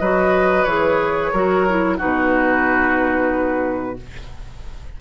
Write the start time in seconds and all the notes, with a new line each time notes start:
0.00 F#3 F#4 B4 D#5
0.64 E3 G#4 C#5
1.32 F#3 F#4 A#4
1.69 E4
1.98 B2 D#4 F#4 B4